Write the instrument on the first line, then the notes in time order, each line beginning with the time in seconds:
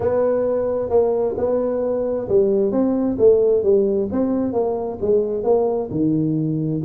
tuba
0.00 B3
0.89 A#3
1.37 B3
2.28 G3
2.71 C4
3.18 A3
3.63 G3
4.11 C4
4.52 A#3
5.01 G#3
5.43 A#3
5.90 D#3